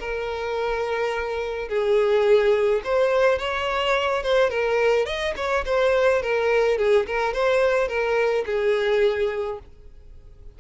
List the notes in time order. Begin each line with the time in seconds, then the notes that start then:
0.00 A#4
1.69 G#4
2.84 C5
3.39 C#5
4.23 C5
4.50 A#4
5.06 D#5
5.36 C#5
5.66 C5
6.22 A#4
6.78 G#4
7.07 A#4
7.33 C5
7.88 A#4
8.46 G#4